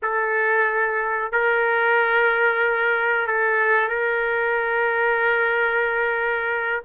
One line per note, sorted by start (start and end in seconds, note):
0.02 1.32 A4
1.32 3.27 A#4
3.27 3.88 A4
3.88 6.82 A#4